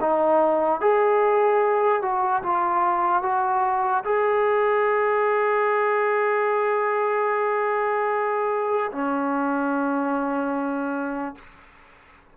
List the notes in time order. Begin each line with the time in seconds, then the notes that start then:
0.00 D#4
0.80 G#4
2.02 F#4
2.43 F4
3.22 F#4
4.04 G#4
8.92 C#4